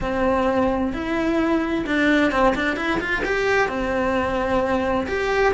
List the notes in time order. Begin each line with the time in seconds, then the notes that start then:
0.00 C4
0.93 E4
1.86 D4
2.31 C4
2.55 D4
2.76 E4
3.00 F4
3.24 G4
3.68 C4
5.07 G4